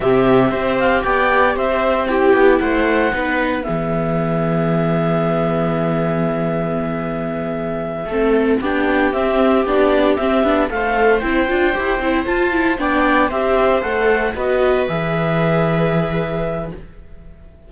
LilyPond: <<
  \new Staff \with { instrumentName = "clarinet" } { \time 4/4 \tempo 4 = 115 e''4. f''8 g''4 e''4 | g''4 fis''2 e''4~ | e''1~ | e''1~ |
e''8 g''4 e''4 d''4 e''8~ | e''8 f''4 g''2 a''8~ | a''8 g''4 e''4 fis''4 dis''8~ | dis''8 e''2.~ e''8 | }
  \new Staff \with { instrumentName = "viola" } { \time 4/4 g'4 c''4 d''4 c''4 | g'4 c''4 b'4 gis'4~ | gis'1~ | gis'2.~ gis'8 a'8~ |
a'8 g'2.~ g'8~ | g'8 c''2.~ c''8~ | c''8 d''4 c''2 b'8~ | b'1 | }
  \new Staff \with { instrumentName = "viola" } { \time 4/4 c'4 g'2. | e'2 dis'4 b4~ | b1~ | b2.~ b8 c'8~ |
c'8 d'4 c'4 d'4 c'8 | d'8 a'4 e'8 f'8 g'8 e'8 f'8 | e'8 d'4 g'4 a'4 fis'8~ | fis'8 gis'2.~ gis'8 | }
  \new Staff \with { instrumentName = "cello" } { \time 4/4 c4 c'4 b4 c'4~ | c'8 b8 a4 b4 e4~ | e1~ | e2.~ e8 a8~ |
a8 b4 c'4 b4 c'8 | b8 a4 c'8 d'8 e'8 c'8 f'8~ | f'8 b4 c'4 a4 b8~ | b8 e2.~ e8 | }
>>